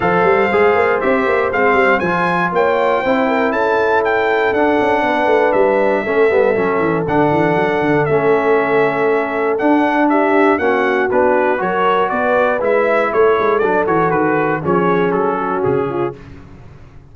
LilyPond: <<
  \new Staff \with { instrumentName = "trumpet" } { \time 4/4 \tempo 4 = 119 f''2 e''4 f''4 | gis''4 g''2 a''4 | g''4 fis''2 e''4~ | e''2 fis''2 |
e''2. fis''4 | e''4 fis''4 b'4 cis''4 | d''4 e''4 cis''4 d''8 cis''8 | b'4 cis''4 a'4 gis'4 | }
  \new Staff \with { instrumentName = "horn" } { \time 4/4 c''1~ | c''4 cis''4 c''8 ais'8 a'4~ | a'2 b'2 | a'1~ |
a'1 | g'4 fis'2 ais'4 | b'2 a'2~ | a'4 gis'4. fis'4 f'8 | }
  \new Staff \with { instrumentName = "trombone" } { \time 4/4 a'4 gis'4 g'4 c'4 | f'2 e'2~ | e'4 d'2. | cis'8 b8 cis'4 d'2 |
cis'2. d'4~ | d'4 cis'4 d'4 fis'4~ | fis'4 e'2 d'8 fis'8~ | fis'4 cis'2. | }
  \new Staff \with { instrumentName = "tuba" } { \time 4/4 f8 g8 gis8 ais8 c'8 ais8 gis8 g8 | f4 ais4 c'4 cis'4~ | cis'4 d'8 cis'8 b8 a8 g4 | a8 g8 fis8 e8 d8 e8 fis8 d8 |
a2. d'4~ | d'4 ais4 b4 fis4 | b4 gis4 a8 gis8 fis8 e8 | dis4 f4 fis4 cis4 | }
>>